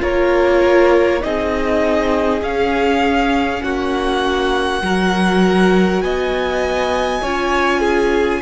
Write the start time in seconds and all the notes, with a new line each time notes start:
0.00 A#3 F4 A#4 C#5
1.20 C4 D#4 G#4 D#5
2.42 C#4 F5
3.62 A#3 F#4 F#5
4.82 F#3 F#4 A#4
6.01 B3 D#5 G#5
7.22 C#4 F4 C#5
7.80 G#4